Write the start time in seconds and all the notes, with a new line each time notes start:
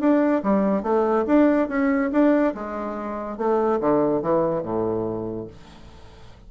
0.00 D4
0.43 G3
0.83 A3
1.26 D4
1.69 C#4
2.12 D4
2.54 G#3
3.38 A3
3.80 D3
4.22 E3
4.63 A2